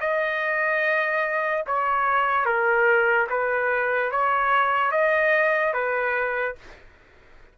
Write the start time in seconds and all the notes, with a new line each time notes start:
0.00 D#5
1.67 C#5
2.45 A#4
3.30 B4
4.11 C#5
4.91 D#5
5.73 B4